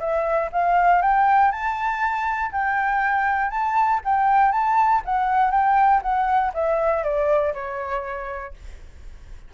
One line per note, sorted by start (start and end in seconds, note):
0.00 0.50 E5
0.53 1.02 F5
1.02 1.52 G5
1.52 2.52 A5
2.52 3.51 G5
3.51 4.01 A5
4.05 4.52 G5
4.52 5.02 A5
5.05 5.52 F#5
5.52 6.02 G5
6.03 6.53 F#5
6.54 7.04 E5
7.04 7.54 D5
7.54 8.54 C#5